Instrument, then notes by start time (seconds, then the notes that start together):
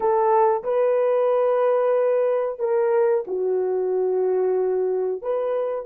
horn
0.00 A4
0.63 B4
2.59 A#4
3.27 F#4
5.22 B4